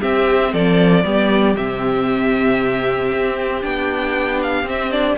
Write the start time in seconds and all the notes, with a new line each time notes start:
0.00 C4 G4 E5
0.53 F3 A4 D5
1.04 G3 B3 G4
1.55 C3 C4 E5
3.12 C4
3.62 B3 D4 G5
4.43 F5
4.63 C4 E5
4.92 D4 D5